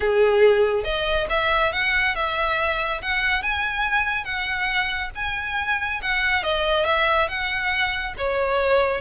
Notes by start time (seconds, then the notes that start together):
0.00 G#4
0.84 D#5
1.29 E5
1.72 F#5
2.15 E5
3.02 F#5
3.42 G#5
4.24 F#5
5.15 G#5
6.01 F#5
6.43 D#5
6.85 E5
7.28 F#5
8.17 C#5